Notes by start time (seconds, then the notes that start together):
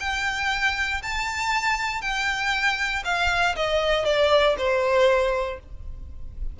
0.00 G5
1.03 A5
2.01 G5
3.05 F5
3.56 D#5
4.05 D5
4.58 C5